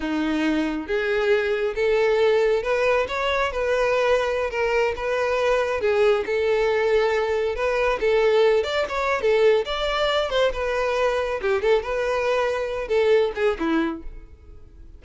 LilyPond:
\new Staff \with { instrumentName = "violin" } { \time 4/4 \tempo 4 = 137 dis'2 gis'2 | a'2 b'4 cis''4 | b'2~ b'16 ais'4 b'8.~ | b'4~ b'16 gis'4 a'4.~ a'16~ |
a'4~ a'16 b'4 a'4. d''16~ | d''16 cis''8. a'4 d''4. c''8 | b'2 g'8 a'8 b'4~ | b'4. a'4 gis'8 e'4 | }